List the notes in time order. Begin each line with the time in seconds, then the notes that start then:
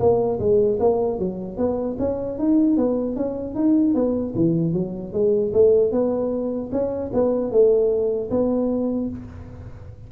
0.00 A#3
0.40 G#3
0.80 A#3
1.19 F#3
1.58 B3
1.99 C#4
2.39 D#4
2.77 B3
3.17 C#4
3.55 D#4
3.95 B3
4.35 E3
4.74 F#3
5.13 G#3
5.53 A3
5.92 B3
6.72 C#4
7.14 B3
7.51 A3
8.30 B3